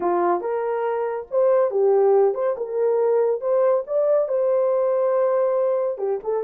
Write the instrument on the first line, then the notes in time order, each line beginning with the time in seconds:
horn
0.00 F4
0.41 A#4
1.30 C5
1.70 G4
2.34 C5
2.57 A#4
3.41 C5
3.86 D5
4.28 C5
5.98 G4
6.23 A4